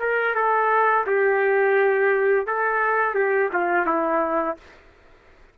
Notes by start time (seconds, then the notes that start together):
0.00 A#4
0.35 A4
1.07 G4
2.47 A4
3.14 G4
3.53 F4
3.86 E4